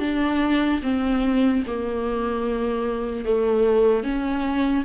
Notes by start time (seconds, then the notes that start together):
0.00 D4
0.82 C4
1.66 A#3
3.25 A3
4.04 C#4